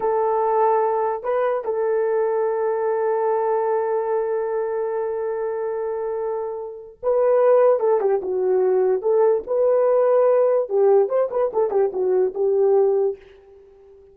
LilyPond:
\new Staff \with { instrumentName = "horn" } { \time 4/4 \tempo 4 = 146 a'2. b'4 | a'1~ | a'1~ | a'1~ |
a'4 b'2 a'8 g'8 | fis'2 a'4 b'4~ | b'2 g'4 c''8 b'8 | a'8 g'8 fis'4 g'2 | }